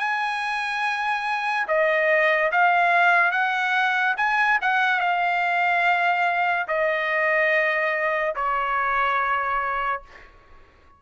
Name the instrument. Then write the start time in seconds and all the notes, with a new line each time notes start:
trumpet
0.00 G#5
1.68 D#5
2.52 F5
3.32 F#5
4.17 G#5
4.62 F#5
5.00 F5
6.68 D#5
8.36 C#5